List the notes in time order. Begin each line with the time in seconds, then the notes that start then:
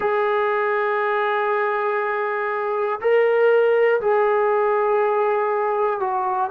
0.00 G#4
3.00 A#4
4.00 G#4
6.00 F#4